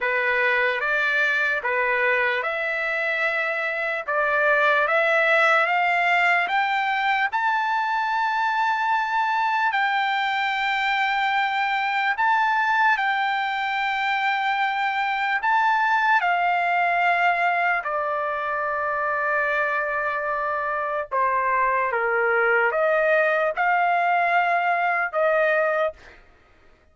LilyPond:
\new Staff \with { instrumentName = "trumpet" } { \time 4/4 \tempo 4 = 74 b'4 d''4 b'4 e''4~ | e''4 d''4 e''4 f''4 | g''4 a''2. | g''2. a''4 |
g''2. a''4 | f''2 d''2~ | d''2 c''4 ais'4 | dis''4 f''2 dis''4 | }